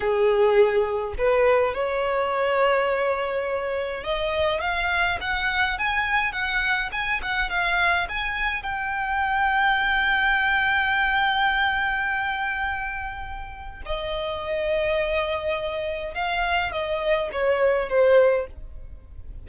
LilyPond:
\new Staff \with { instrumentName = "violin" } { \time 4/4 \tempo 4 = 104 gis'2 b'4 cis''4~ | cis''2. dis''4 | f''4 fis''4 gis''4 fis''4 | gis''8 fis''8 f''4 gis''4 g''4~ |
g''1~ | g''1 | dis''1 | f''4 dis''4 cis''4 c''4 | }